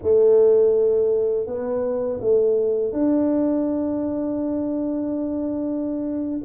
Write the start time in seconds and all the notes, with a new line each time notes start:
0.02 A3
1.46 B3
2.20 A3
2.92 D4